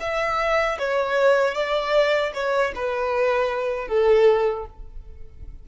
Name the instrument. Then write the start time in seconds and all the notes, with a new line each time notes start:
violin
0.00 E5
0.79 C#5
1.54 D5
2.34 C#5
2.75 B4
3.88 A4